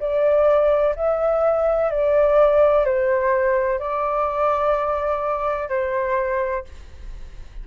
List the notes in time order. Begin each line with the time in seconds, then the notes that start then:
0.00 D5
0.96 E5
1.90 D5
2.85 C5
3.79 D5
5.69 C5